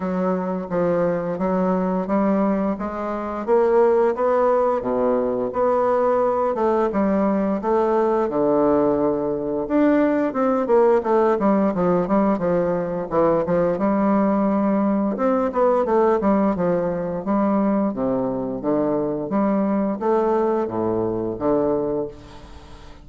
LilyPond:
\new Staff \with { instrumentName = "bassoon" } { \time 4/4 \tempo 4 = 87 fis4 f4 fis4 g4 | gis4 ais4 b4 b,4 | b4. a8 g4 a4 | d2 d'4 c'8 ais8 |
a8 g8 f8 g8 f4 e8 f8 | g2 c'8 b8 a8 g8 | f4 g4 c4 d4 | g4 a4 a,4 d4 | }